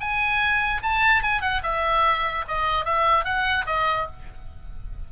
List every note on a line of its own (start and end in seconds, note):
0.00 0.82 G#5
0.83 1.22 A5
1.22 1.41 G#5
1.41 1.62 F#5
1.63 2.45 E5
2.47 2.85 D#5
2.85 3.25 E5
3.25 3.65 F#5
3.66 4.07 D#5